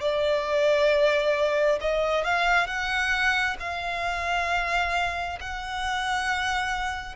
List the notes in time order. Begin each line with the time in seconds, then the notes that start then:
0.00 D5
1.81 D#5
2.24 F5
2.67 F#5
3.59 F5
5.40 F#5